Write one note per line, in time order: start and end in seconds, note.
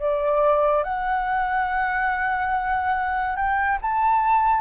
0.00 0.84 D5
0.84 3.36 F#5
3.36 3.79 G5
3.82 4.61 A5